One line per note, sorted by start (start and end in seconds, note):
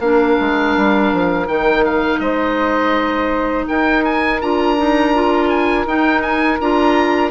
0.00 0.37 A#3
0.00 1.47 D4
0.00 2.21 A#4
0.00 1.47 F5
0.40 0.77 G#3
0.77 1.13 G3
1.13 1.48 F3
1.47 2.20 D#3
1.47 4.40 D#4
1.47 1.85 G5
1.85 2.20 F5
2.20 3.66 G#3
2.20 3.68 C5
2.20 3.66 D#5
3.68 4.42 D#4
3.68 7.31 A#4
3.68 4.05 G5
4.05 4.41 G#5
4.41 5.86 D4
4.41 4.77 F4
4.41 5.49 A#5
4.77 5.14 D#4
5.14 5.87 F4
5.49 5.86 G#5
5.86 6.59 D#4
5.86 6.60 D#4
5.86 6.22 G5
6.22 6.59 G#5
6.60 7.31 D4
6.60 7.31 F4
6.60 7.31 A#5